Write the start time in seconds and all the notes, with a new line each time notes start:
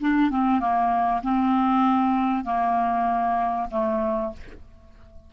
0.00 D4
0.30 C4
0.60 A#3
1.23 C4
2.44 A#3
3.71 A3